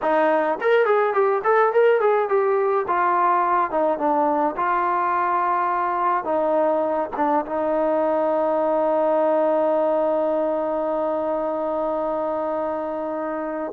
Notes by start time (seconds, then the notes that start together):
0.02 D#4
0.60 A#4
0.85 G#4
1.13 G4
1.44 A4
1.72 A#4
2.00 G#4
2.29 G4
2.87 F4
3.70 D#4
3.98 D4
4.56 F4
6.24 D#4
7.16 D4
7.46 D#4